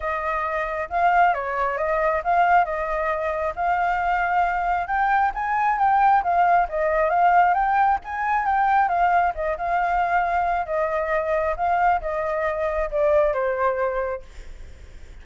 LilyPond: \new Staff \with { instrumentName = "flute" } { \time 4/4 \tempo 4 = 135 dis''2 f''4 cis''4 | dis''4 f''4 dis''2 | f''2. g''4 | gis''4 g''4 f''4 dis''4 |
f''4 g''4 gis''4 g''4 | f''4 dis''8 f''2~ f''8 | dis''2 f''4 dis''4~ | dis''4 d''4 c''2 | }